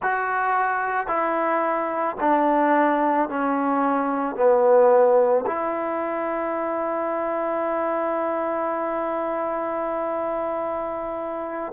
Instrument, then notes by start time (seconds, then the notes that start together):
trombone
0.02 F#4
1.07 E4
2.20 D4
3.29 C#4
4.35 B3
5.46 E4